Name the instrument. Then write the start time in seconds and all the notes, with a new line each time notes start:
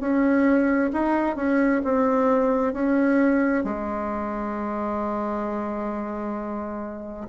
bassoon
0.00 C#4
0.93 D#4
1.36 C#4
1.84 C4
2.73 C#4
3.64 G#3